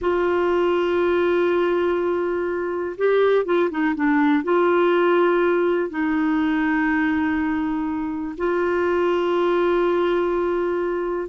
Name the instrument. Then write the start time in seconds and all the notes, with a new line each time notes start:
clarinet
0.01 F4
2.97 G4
3.45 F4
3.70 D#4
3.95 D4
4.43 F4
5.89 D#4
8.37 F4